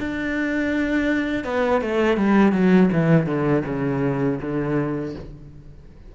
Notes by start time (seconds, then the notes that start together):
0.00 D4
1.45 B3
1.82 A3
2.17 G3
2.53 F#3
2.93 E3
3.27 D3
3.66 C#3
4.41 D3